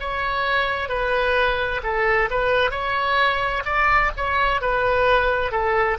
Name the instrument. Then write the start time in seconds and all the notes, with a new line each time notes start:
oboe
0.00 C#5
0.89 B4
1.83 A4
2.31 B4
2.71 C#5
3.65 D5
4.17 C#5
4.62 B4
5.52 A4